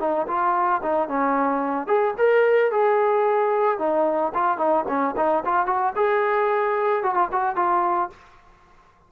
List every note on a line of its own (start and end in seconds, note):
0.00 0.27 D#4
0.28 0.82 F4
0.83 1.09 D#4
1.09 1.87 C#4
1.87 2.14 G#4
2.18 2.72 A#4
2.72 3.79 G#4
3.79 4.33 D#4
4.35 4.58 F4
4.58 4.85 D#4
4.88 5.15 C#4
5.17 5.44 D#4
5.45 5.67 F4
5.67 5.94 F#4
5.96 7.03 G#4
7.03 7.15 F#4
7.15 7.29 F4
7.32 7.56 F#4
7.56 8.10 F4